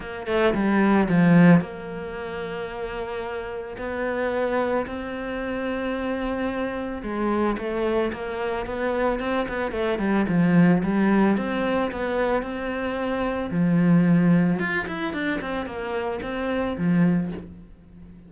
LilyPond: \new Staff \with { instrumentName = "cello" } { \time 4/4 \tempo 4 = 111 ais8 a8 g4 f4 ais4~ | ais2. b4~ | b4 c'2.~ | c'4 gis4 a4 ais4 |
b4 c'8 b8 a8 g8 f4 | g4 c'4 b4 c'4~ | c'4 f2 f'8 e'8 | d'8 c'8 ais4 c'4 f4 | }